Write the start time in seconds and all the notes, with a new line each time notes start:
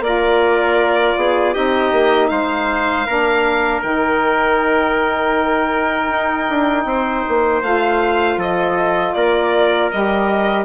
0.00 A#3 F4 A#4 D5
1.17 B3 G#4
1.54 C4 D#4 G4 D#5
1.92 A#3
2.29 G#3 C5 F5
3.07 A#3 D4 A#4
3.82 D#3 D#4 G5
6.08 D#4
6.50 D4
6.85 C4 C5
7.28 A#3
7.62 A3 F4 F5
8.37 F3 A4 D#5
9.14 A#3 A#4 D5
9.92 G3 G4 D#5